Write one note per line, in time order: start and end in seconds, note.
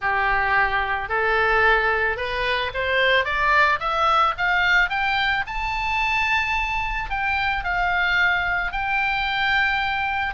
0.01 1.08 G4
1.08 2.16 A4
2.16 2.71 B4
2.74 3.24 C5
3.24 3.79 D5
3.79 4.34 E5
4.37 4.89 F5
4.89 5.44 G5
5.46 7.10 A5
7.10 7.64 G5
7.64 8.71 F5
8.71 10.34 G5